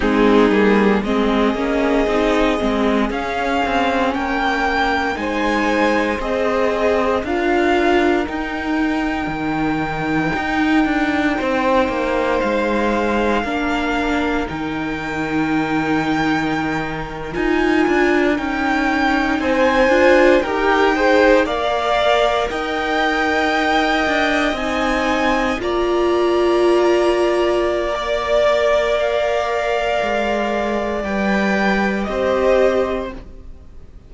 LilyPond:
<<
  \new Staff \with { instrumentName = "violin" } { \time 4/4 \tempo 4 = 58 gis'4 dis''2 f''4 | g''4 gis''4 dis''4 f''4 | g''1 | f''2 g''2~ |
g''8. gis''4 g''4 gis''4 g''16~ | g''8. f''4 g''2 gis''16~ | gis''8. ais''2~ ais''16 d''4 | f''2 g''4 dis''4 | }
  \new Staff \with { instrumentName = "violin" } { \time 4/4 dis'4 gis'2. | ais'4 c''2 ais'4~ | ais'2. c''4~ | c''4 ais'2.~ |
ais'2~ ais'8. c''4 ais'16~ | ais'16 c''8 d''4 dis''2~ dis''16~ | dis''8. d''2.~ d''16~ | d''2. c''4 | }
  \new Staff \with { instrumentName = "viola" } { \time 4/4 c'8 ais8 c'8 cis'8 dis'8 c'8 cis'4~ | cis'4 dis'4 gis'4 f'4 | dis'1~ | dis'4 d'4 dis'2~ |
dis'8. f'4 dis'4. f'8 g'16~ | g'16 gis'8 ais'2. dis'16~ | dis'8. f'2~ f'16 ais'4~ | ais'2 b'4 g'4 | }
  \new Staff \with { instrumentName = "cello" } { \time 4/4 gis8 g8 gis8 ais8 c'8 gis8 cis'8 c'8 | ais4 gis4 c'4 d'4 | dis'4 dis4 dis'8 d'8 c'8 ais8 | gis4 ais4 dis2~ |
dis8. dis'8 d'8 cis'4 c'8 d'8 dis'16~ | dis'8. ais4 dis'4. d'8 c'16~ | c'8. ais2.~ ais16~ | ais4 gis4 g4 c'4 | }
>>